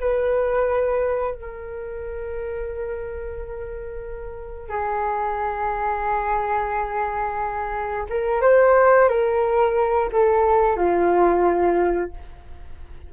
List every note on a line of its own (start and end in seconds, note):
0.00 1.34 B4
1.34 4.69 A#4
4.69 8.06 G#4
8.09 8.41 A#4
8.41 9.09 C5
9.09 10.10 A#4
10.12 10.77 A4
10.77 12.11 F4